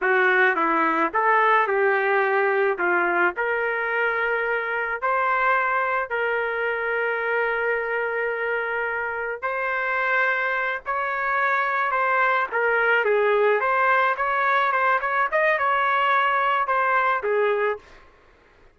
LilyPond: \new Staff \with { instrumentName = "trumpet" } { \time 4/4 \tempo 4 = 108 fis'4 e'4 a'4 g'4~ | g'4 f'4 ais'2~ | ais'4 c''2 ais'4~ | ais'1~ |
ais'4 c''2~ c''8 cis''8~ | cis''4. c''4 ais'4 gis'8~ | gis'8 c''4 cis''4 c''8 cis''8 dis''8 | cis''2 c''4 gis'4 | }